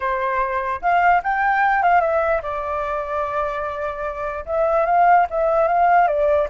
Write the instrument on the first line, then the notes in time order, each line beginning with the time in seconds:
flute
0.00 C5
0.81 F5
1.23 G5
1.82 F5
2.00 E5
2.42 D5
4.45 E5
4.85 F5
5.29 E5
5.67 F5
6.07 D5